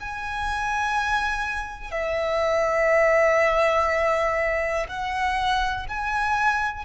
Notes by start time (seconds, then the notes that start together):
0.00 G#5
1.91 E5
4.88 F#5
5.88 G#5